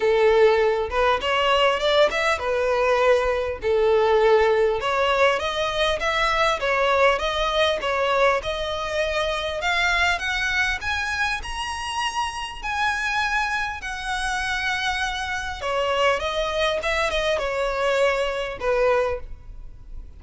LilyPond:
\new Staff \with { instrumentName = "violin" } { \time 4/4 \tempo 4 = 100 a'4. b'8 cis''4 d''8 e''8 | b'2 a'2 | cis''4 dis''4 e''4 cis''4 | dis''4 cis''4 dis''2 |
f''4 fis''4 gis''4 ais''4~ | ais''4 gis''2 fis''4~ | fis''2 cis''4 dis''4 | e''8 dis''8 cis''2 b'4 | }